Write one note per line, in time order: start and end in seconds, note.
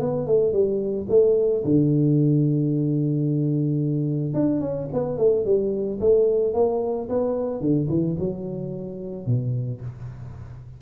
0.00 0.27 B3
0.27 0.53 A3
0.53 1.07 G3
1.09 1.64 A3
1.64 4.34 D3
4.34 4.61 D4
4.61 4.88 C#4
4.93 5.18 B3
5.18 5.45 A3
5.45 6.00 G3
6.00 6.54 A3
6.54 7.09 A#3
7.09 7.61 B3
7.61 7.88 D3
7.89 8.16 E3
8.19 9.27 F#3
9.27 9.81 B2